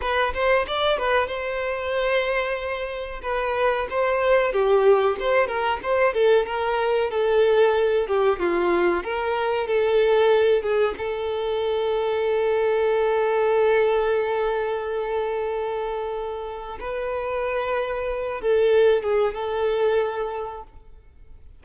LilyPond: \new Staff \with { instrumentName = "violin" } { \time 4/4 \tempo 4 = 93 b'8 c''8 d''8 b'8 c''2~ | c''4 b'4 c''4 g'4 | c''8 ais'8 c''8 a'8 ais'4 a'4~ | a'8 g'8 f'4 ais'4 a'4~ |
a'8 gis'8 a'2.~ | a'1~ | a'2 b'2~ | b'8 a'4 gis'8 a'2 | }